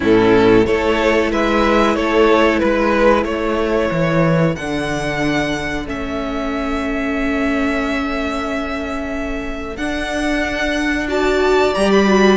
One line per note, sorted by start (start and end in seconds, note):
0.00 0.66 A2
0.00 0.64 C#4
0.00 0.64 E4
0.00 0.66 A4
0.65 1.32 A3
0.65 4.56 E4
0.65 1.31 A4
0.65 1.31 C#5
1.31 1.96 G#3
1.31 1.96 B4
1.31 1.95 E5
1.95 2.61 A3
1.95 2.61 A4
1.95 2.59 C#5
2.59 3.24 G#3
2.59 3.24 B4
2.59 3.25 B4
3.24 3.89 A3
3.24 11.08 A4
3.24 4.55 C#5
3.90 4.56 E3
4.55 5.86 D3
4.55 5.86 D4
4.55 5.86 F#5
5.86 9.76 A3
5.86 9.77 C#4
5.86 9.76 E5
9.76 11.72 D4
9.76 11.08 D4
9.76 11.07 F#5
11.08 11.73 F#4
11.08 12.36 D5
11.08 11.74 A5
11.74 12.36 G3
11.74 12.06 G4
11.74 11.90 A#5
11.92 12.36 B5
12.06 12.36 F#4